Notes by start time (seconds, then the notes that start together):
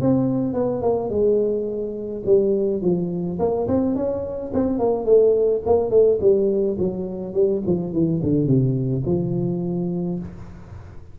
0.00 C4
0.53 B3
0.82 A#3
1.09 G#3
2.25 G3
2.81 F3
3.39 A#3
3.67 C4
3.95 C#4
4.53 C4
4.79 A#3
5.05 A3
5.66 A#3
5.90 A3
6.20 G3
6.78 F#3
7.33 G3
7.66 F3
7.92 E3
8.22 D3
8.46 C3
9.05 F3